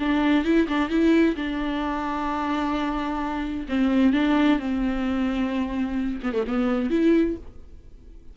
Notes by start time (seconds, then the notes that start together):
0.00 D4
0.45 E4
0.69 D4
0.90 E4
1.36 D4
3.69 C4
4.14 D4
4.59 C4
6.23 B3
6.34 A3
6.48 B3
6.91 E4